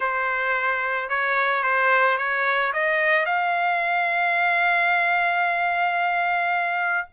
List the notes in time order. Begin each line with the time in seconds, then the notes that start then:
0.00 C5
1.09 C#5
1.63 C5
2.17 C#5
2.73 D#5
3.25 F5